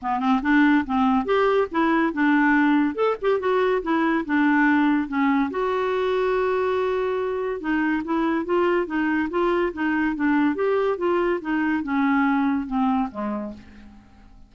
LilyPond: \new Staff \with { instrumentName = "clarinet" } { \time 4/4 \tempo 4 = 142 b8 c'8 d'4 c'4 g'4 | e'4 d'2 a'8 g'8 | fis'4 e'4 d'2 | cis'4 fis'2.~ |
fis'2 dis'4 e'4 | f'4 dis'4 f'4 dis'4 | d'4 g'4 f'4 dis'4 | cis'2 c'4 gis4 | }